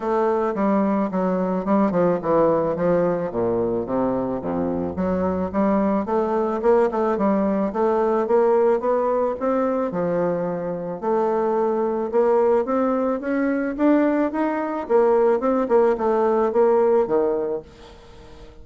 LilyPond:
\new Staff \with { instrumentName = "bassoon" } { \time 4/4 \tempo 4 = 109 a4 g4 fis4 g8 f8 | e4 f4 ais,4 c4 | f,4 fis4 g4 a4 | ais8 a8 g4 a4 ais4 |
b4 c'4 f2 | a2 ais4 c'4 | cis'4 d'4 dis'4 ais4 | c'8 ais8 a4 ais4 dis4 | }